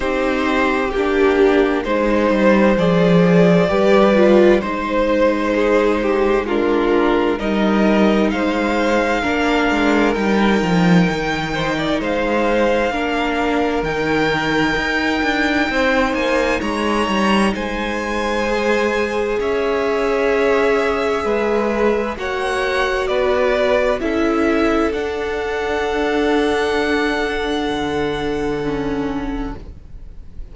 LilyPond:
<<
  \new Staff \with { instrumentName = "violin" } { \time 4/4 \tempo 4 = 65 c''4 g'4 c''4 d''4~ | d''4 c''2 ais'4 | dis''4 f''2 g''4~ | g''4 f''2 g''4~ |
g''4. gis''8 ais''4 gis''4~ | gis''4 e''2. | fis''4 d''4 e''4 fis''4~ | fis''1 | }
  \new Staff \with { instrumentName = "violin" } { \time 4/4 g'2 c''2 | b'4 c''4 gis'8 g'8 f'4 | ais'4 c''4 ais'2~ | ais'8 c''16 d''16 c''4 ais'2~ |
ais'4 c''4 cis''4 c''4~ | c''4 cis''2 b'4 | cis''4 b'4 a'2~ | a'1 | }
  \new Staff \with { instrumentName = "viola" } { \time 4/4 dis'4 d'4 dis'4 gis'4 | g'8 f'8 dis'2 d'4 | dis'2 d'4 dis'4~ | dis'2 d'4 dis'4~ |
dis'1 | gis'1 | fis'2 e'4 d'4~ | d'2. cis'4 | }
  \new Staff \with { instrumentName = "cello" } { \time 4/4 c'4 ais4 gis8 g8 f4 | g4 gis2. | g4 gis4 ais8 gis8 g8 f8 | dis4 gis4 ais4 dis4 |
dis'8 d'8 c'8 ais8 gis8 g8 gis4~ | gis4 cis'2 gis4 | ais4 b4 cis'4 d'4~ | d'2 d2 | }
>>